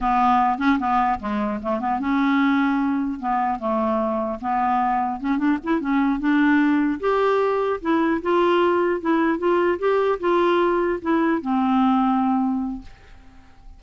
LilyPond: \new Staff \with { instrumentName = "clarinet" } { \time 4/4 \tempo 4 = 150 b4. cis'8 b4 gis4 | a8 b8 cis'2. | b4 a2 b4~ | b4 cis'8 d'8 e'8 cis'4 d'8~ |
d'4. g'2 e'8~ | e'8 f'2 e'4 f'8~ | f'8 g'4 f'2 e'8~ | e'8 c'2.~ c'8 | }